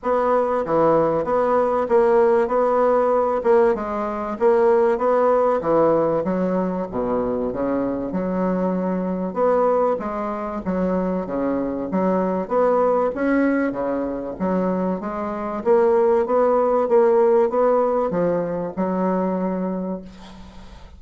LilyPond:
\new Staff \with { instrumentName = "bassoon" } { \time 4/4 \tempo 4 = 96 b4 e4 b4 ais4 | b4. ais8 gis4 ais4 | b4 e4 fis4 b,4 | cis4 fis2 b4 |
gis4 fis4 cis4 fis4 | b4 cis'4 cis4 fis4 | gis4 ais4 b4 ais4 | b4 f4 fis2 | }